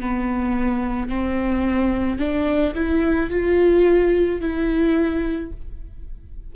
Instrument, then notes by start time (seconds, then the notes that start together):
viola
0.00 B3
1.09 C4
2.19 D4
2.75 E4
3.30 F4
4.40 E4